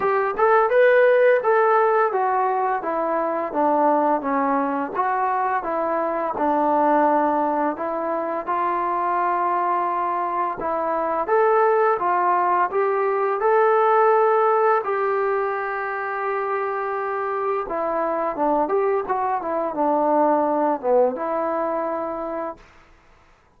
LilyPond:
\new Staff \with { instrumentName = "trombone" } { \time 4/4 \tempo 4 = 85 g'8 a'8 b'4 a'4 fis'4 | e'4 d'4 cis'4 fis'4 | e'4 d'2 e'4 | f'2. e'4 |
a'4 f'4 g'4 a'4~ | a'4 g'2.~ | g'4 e'4 d'8 g'8 fis'8 e'8 | d'4. b8 e'2 | }